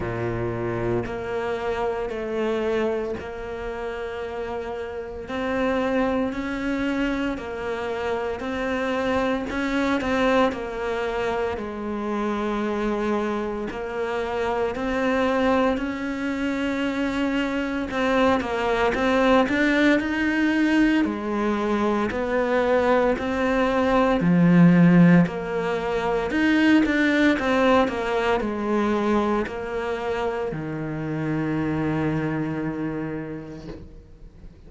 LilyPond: \new Staff \with { instrumentName = "cello" } { \time 4/4 \tempo 4 = 57 ais,4 ais4 a4 ais4~ | ais4 c'4 cis'4 ais4 | c'4 cis'8 c'8 ais4 gis4~ | gis4 ais4 c'4 cis'4~ |
cis'4 c'8 ais8 c'8 d'8 dis'4 | gis4 b4 c'4 f4 | ais4 dis'8 d'8 c'8 ais8 gis4 | ais4 dis2. | }